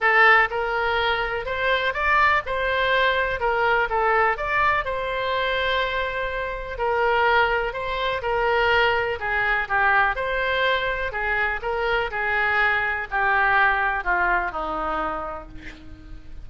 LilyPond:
\new Staff \with { instrumentName = "oboe" } { \time 4/4 \tempo 4 = 124 a'4 ais'2 c''4 | d''4 c''2 ais'4 | a'4 d''4 c''2~ | c''2 ais'2 |
c''4 ais'2 gis'4 | g'4 c''2 gis'4 | ais'4 gis'2 g'4~ | g'4 f'4 dis'2 | }